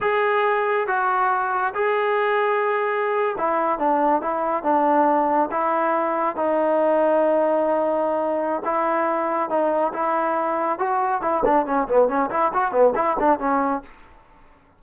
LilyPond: \new Staff \with { instrumentName = "trombone" } { \time 4/4 \tempo 4 = 139 gis'2 fis'2 | gis'2.~ gis'8. e'16~ | e'8. d'4 e'4 d'4~ d'16~ | d'8. e'2 dis'4~ dis'16~ |
dis'1 | e'2 dis'4 e'4~ | e'4 fis'4 e'8 d'8 cis'8 b8 | cis'8 e'8 fis'8 b8 e'8 d'8 cis'4 | }